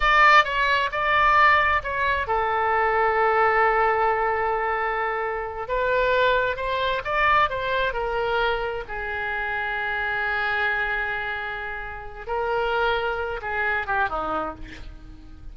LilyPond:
\new Staff \with { instrumentName = "oboe" } { \time 4/4 \tempo 4 = 132 d''4 cis''4 d''2 | cis''4 a'2.~ | a'1~ | a'8 b'2 c''4 d''8~ |
d''8 c''4 ais'2 gis'8~ | gis'1~ | gis'2. ais'4~ | ais'4. gis'4 g'8 dis'4 | }